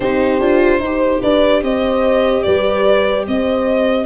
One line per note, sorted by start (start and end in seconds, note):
0.00 0.40 C4
0.00 0.41 D#4
0.00 0.81 G4
0.00 1.20 C5
0.40 0.79 D4
0.40 0.81 F4
0.79 1.20 D#4
0.79 4.05 G4
0.79 1.21 C5
1.21 1.62 D4
1.21 1.61 B4
1.21 1.63 D5
1.62 2.43 C4
1.62 2.44 C5
1.62 2.42 D#5
2.42 3.27 G3
2.42 3.25 B4
2.42 3.23 D5
3.27 4.05 C4
3.27 4.05 C5
3.27 4.05 D#5